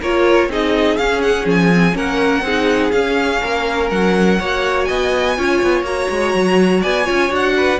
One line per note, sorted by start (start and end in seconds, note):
0.00 0.48 A#3
0.00 0.49 F4
0.00 0.49 A#4
0.00 0.51 C#5
0.48 0.97 C4
0.48 0.98 D#4
0.48 1.95 G#4
0.48 0.97 D#5
0.97 1.45 C#4
0.97 1.72 C#4
0.97 1.21 F5
1.21 1.46 F#5
1.45 1.94 F3
1.45 1.97 G#5
1.73 1.92 C4
1.92 2.42 A#3
1.92 2.41 C#4
1.92 2.44 A#4
1.92 2.91 F#5
2.42 2.90 C4
2.42 2.92 D#4
2.42 3.41 G#4
2.91 4.38 C#4
2.91 3.41 C#4
2.91 3.89 F5
3.41 3.91 A#3
3.41 4.39 A#4
3.90 4.40 F#3
3.90 4.84 F#5
4.39 4.89 A#3
4.39 5.37 F#4
4.39 4.87 C#5
4.84 5.37 B3
4.84 5.36 D#5
4.84 5.82 G#5
5.37 5.62 C#4
5.37 5.84 F4
5.37 6.81 C#5
5.62 5.82 B3
5.82 6.06 A#3
5.82 7.05 F#4
5.82 6.83 A#5
6.10 6.34 G#3
6.34 6.83 F#3
6.81 7.08 B3
6.81 7.04 D5
6.81 7.32 G#5
7.04 7.31 C#4
7.04 7.28 F4
7.04 7.53 C#5
7.28 7.79 D4
7.28 7.77 F#4
7.35 7.79 F#5
7.57 7.79 B4